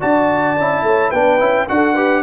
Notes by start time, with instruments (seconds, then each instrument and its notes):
0.00 tuba D4, trombone F#4, horn D5, trumpet A5
0.57 tuba C#4, trombone E4
0.83 tuba A3, horn C#5
1.10 tuba B3, trombone D4, horn B4, trumpet G5
1.39 tuba C#4, trombone E4
1.68 tuba D4, trombone F#4, horn A4, trumpet F#5
1.94 trombone G4, horn B4